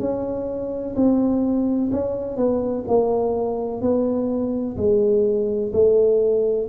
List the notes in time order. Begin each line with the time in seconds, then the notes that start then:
0.00 C#4
0.96 C4
1.92 C#4
2.37 B3
2.88 A#3
3.82 B3
4.77 G#3
5.73 A3